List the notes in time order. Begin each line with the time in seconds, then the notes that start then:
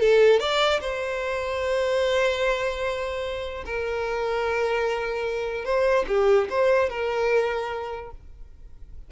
0.00 A4
0.40 D5
0.81 C5
3.66 A#4
5.65 C5
6.08 G4
6.50 C5
6.89 A#4